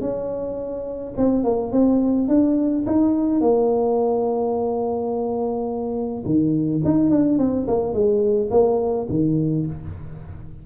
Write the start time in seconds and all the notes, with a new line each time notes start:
0.00 C#4
1.17 C4
1.44 A#3
1.72 C4
2.28 D4
2.86 D#4
3.40 A#3
6.25 D#3
6.84 D#4
7.10 D4
7.38 C4
7.67 A#3
7.93 G#3
8.50 A#3
9.09 D#3